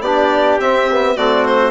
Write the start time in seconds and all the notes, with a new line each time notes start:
0.00 B3 D4 G4 D5
0.59 C4 E5
0.91 B3
1.16 A3 C4 F#4 D5
1.45 C5